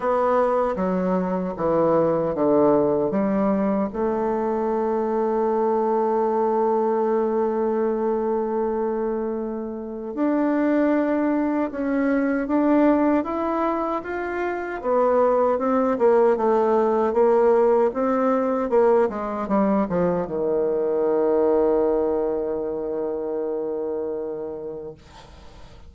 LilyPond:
\new Staff \with { instrumentName = "bassoon" } { \time 4/4 \tempo 4 = 77 b4 fis4 e4 d4 | g4 a2.~ | a1~ | a4 d'2 cis'4 |
d'4 e'4 f'4 b4 | c'8 ais8 a4 ais4 c'4 | ais8 gis8 g8 f8 dis2~ | dis1 | }